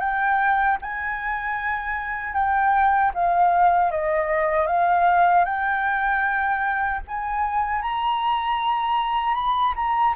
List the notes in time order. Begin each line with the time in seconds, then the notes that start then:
0.00 G5
0.82 G#5
2.34 G5
3.14 F5
3.91 D#5
4.67 F5
5.45 G5
7.08 G#5
7.82 A#5
9.35 B5
9.76 A#5